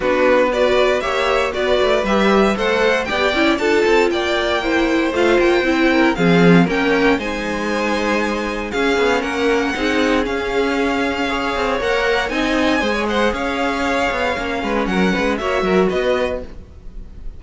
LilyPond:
<<
  \new Staff \with { instrumentName = "violin" } { \time 4/4 \tempo 4 = 117 b'4 d''4 e''4 d''4 | e''4 fis''4 g''4 a''4 | g''2 f''8 g''4. | f''4 g''4 gis''2~ |
gis''4 f''4 fis''2 | f''2. fis''4 | gis''4. fis''8 f''2~ | f''4 fis''4 e''4 dis''4 | }
  \new Staff \with { instrumentName = "violin" } { \time 4/4 fis'4 b'4 cis''4 b'4~ | b'4 c''4 d''4 a'4 | d''4 c''2~ c''8 ais'8 | gis'4 ais'4 c''2~ |
c''4 gis'4 ais'4 gis'4~ | gis'2 cis''2 | dis''4 c''16 cis''16 c''8 cis''2~ | cis''8 b'8 ais'8 b'8 cis''8 ais'8 b'4 | }
  \new Staff \with { instrumentName = "viola" } { \time 4/4 d'4 fis'4 g'4 fis'4 | g'4 a'4 g'8 e'8 f'4~ | f'4 e'4 f'4 e'4 | c'4 cis'4 dis'2~ |
dis'4 cis'2 dis'4 | cis'2 gis'4 ais'4 | dis'4 gis'2. | cis'2 fis'2 | }
  \new Staff \with { instrumentName = "cello" } { \time 4/4 b2 ais4 b8 a8 | g4 a4 b8 cis'8 d'8 c'8 | ais2 a8 ais8 c'4 | f4 ais4 gis2~ |
gis4 cis'8 b8 ais4 c'4 | cis'2~ cis'8 c'8 ais4 | c'4 gis4 cis'4. b8 | ais8 gis8 fis8 gis8 ais8 fis8 b4 | }
>>